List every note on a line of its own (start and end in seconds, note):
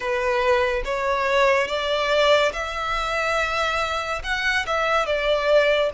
0.00 0.83 B4
0.85 1.67 C#5
1.67 2.52 D5
2.52 4.21 E5
4.23 4.65 F#5
4.66 5.06 E5
5.06 5.90 D5